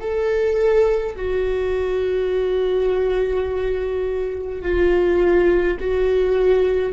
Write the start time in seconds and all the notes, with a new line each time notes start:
0.00 A4
1.16 F#4
4.62 F4
5.80 F#4